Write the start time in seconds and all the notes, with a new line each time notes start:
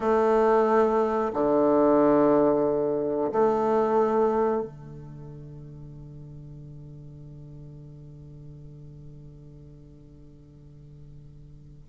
0.00 A3
1.33 D3
3.31 A3
4.62 D3